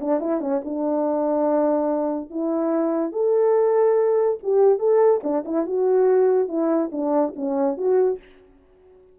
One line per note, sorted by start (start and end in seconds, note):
0.00 0.20 D4
0.20 0.40 E4
0.40 0.61 C#4
0.64 2.30 D4
2.30 3.12 E4
3.12 4.38 A4
4.42 4.79 G4
4.79 5.21 A4
5.23 5.44 D4
5.45 5.66 E4
5.66 6.48 F#4
6.48 6.90 E4
6.91 7.33 D4
7.35 7.77 C#4
7.77 8.19 F#4